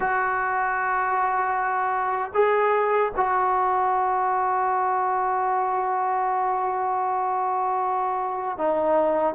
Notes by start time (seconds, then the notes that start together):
0.00 F#4
2.34 G#4
3.16 F#4
8.57 D#4